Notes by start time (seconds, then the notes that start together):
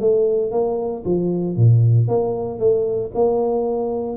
0.00 A3
0.51 A#3
1.05 F3
1.56 A#2
2.08 A#3
2.59 A3
3.14 A#3